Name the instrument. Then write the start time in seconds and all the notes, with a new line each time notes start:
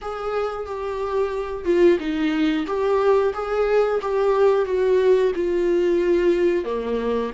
viola
0.01 G#4
0.65 G4
1.65 F4
1.99 D#4
2.66 G4
3.33 G#4
4.02 G4
4.65 F#4
5.35 F4
6.64 A#3